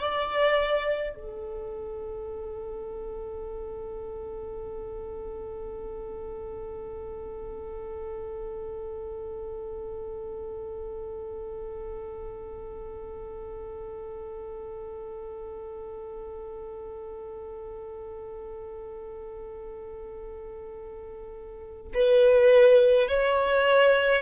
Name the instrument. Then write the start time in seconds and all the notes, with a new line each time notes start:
violin
0.00 D5
1.15 A4
21.94 B4
23.08 C#5